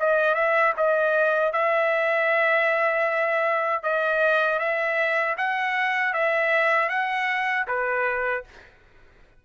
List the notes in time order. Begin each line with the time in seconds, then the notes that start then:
0.00 D#5
0.35 E5
0.77 D#5
1.53 E5
3.83 D#5
4.59 E5
5.37 F#5
6.14 E5
6.89 F#5
7.67 B4